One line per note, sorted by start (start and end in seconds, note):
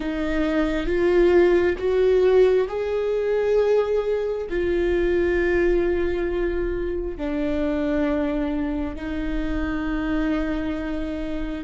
0.00 0.86 D#4
0.86 1.76 F4
1.77 2.67 F#4
2.68 4.47 G#4
4.49 7.16 F4
7.16 8.96 D4
8.96 11.63 D#4